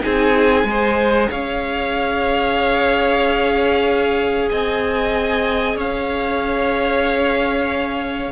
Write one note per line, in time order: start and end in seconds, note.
0.00 0.64 C4
0.00 0.64 D#4
0.00 0.67 G#4
0.00 1.30 G#5
0.64 1.28 G#3
0.64 8.32 G#4
0.64 1.29 C5
1.29 4.50 C#4
1.29 4.48 C#5
1.29 4.49 F5
4.49 5.76 C4
4.49 5.77 D#5
4.49 5.77 G#5
5.76 8.32 C#4
5.76 8.32 C#5
5.76 8.32 F5